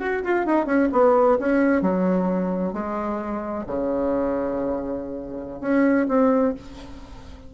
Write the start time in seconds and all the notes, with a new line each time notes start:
0.00 F#4
0.24 F4
0.46 D#4
0.66 C#4
0.93 B3
1.39 C#4
1.82 F#3
2.74 G#3
3.67 C#3
5.61 C#4
6.09 C4